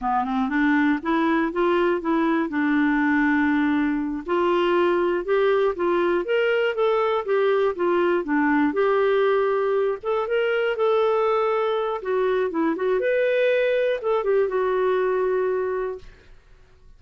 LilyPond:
\new Staff \with { instrumentName = "clarinet" } { \time 4/4 \tempo 4 = 120 b8 c'8 d'4 e'4 f'4 | e'4 d'2.~ | d'8 f'2 g'4 f'8~ | f'8 ais'4 a'4 g'4 f'8~ |
f'8 d'4 g'2~ g'8 | a'8 ais'4 a'2~ a'8 | fis'4 e'8 fis'8 b'2 | a'8 g'8 fis'2. | }